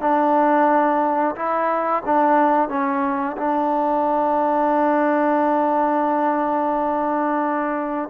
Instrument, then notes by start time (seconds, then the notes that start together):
trombone
0.00 D4
1.35 E4
2.05 D4
2.68 C#4
3.37 D4